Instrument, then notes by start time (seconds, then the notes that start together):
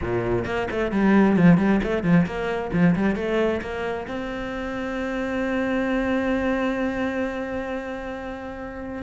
cello
0.01 A#2
0.45 A#3
0.70 A3
0.91 G3
1.36 F3
1.57 G3
1.83 A3
2.03 F3
2.26 A#3
2.72 F3
2.95 G3
3.15 A3
3.61 A#3
4.07 C4